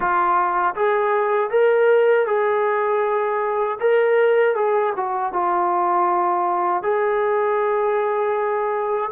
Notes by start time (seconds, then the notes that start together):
0.00 F4
0.75 G#4
1.50 A#4
2.26 G#4
3.80 A#4
4.55 G#4
4.95 F#4
5.32 F4
6.83 G#4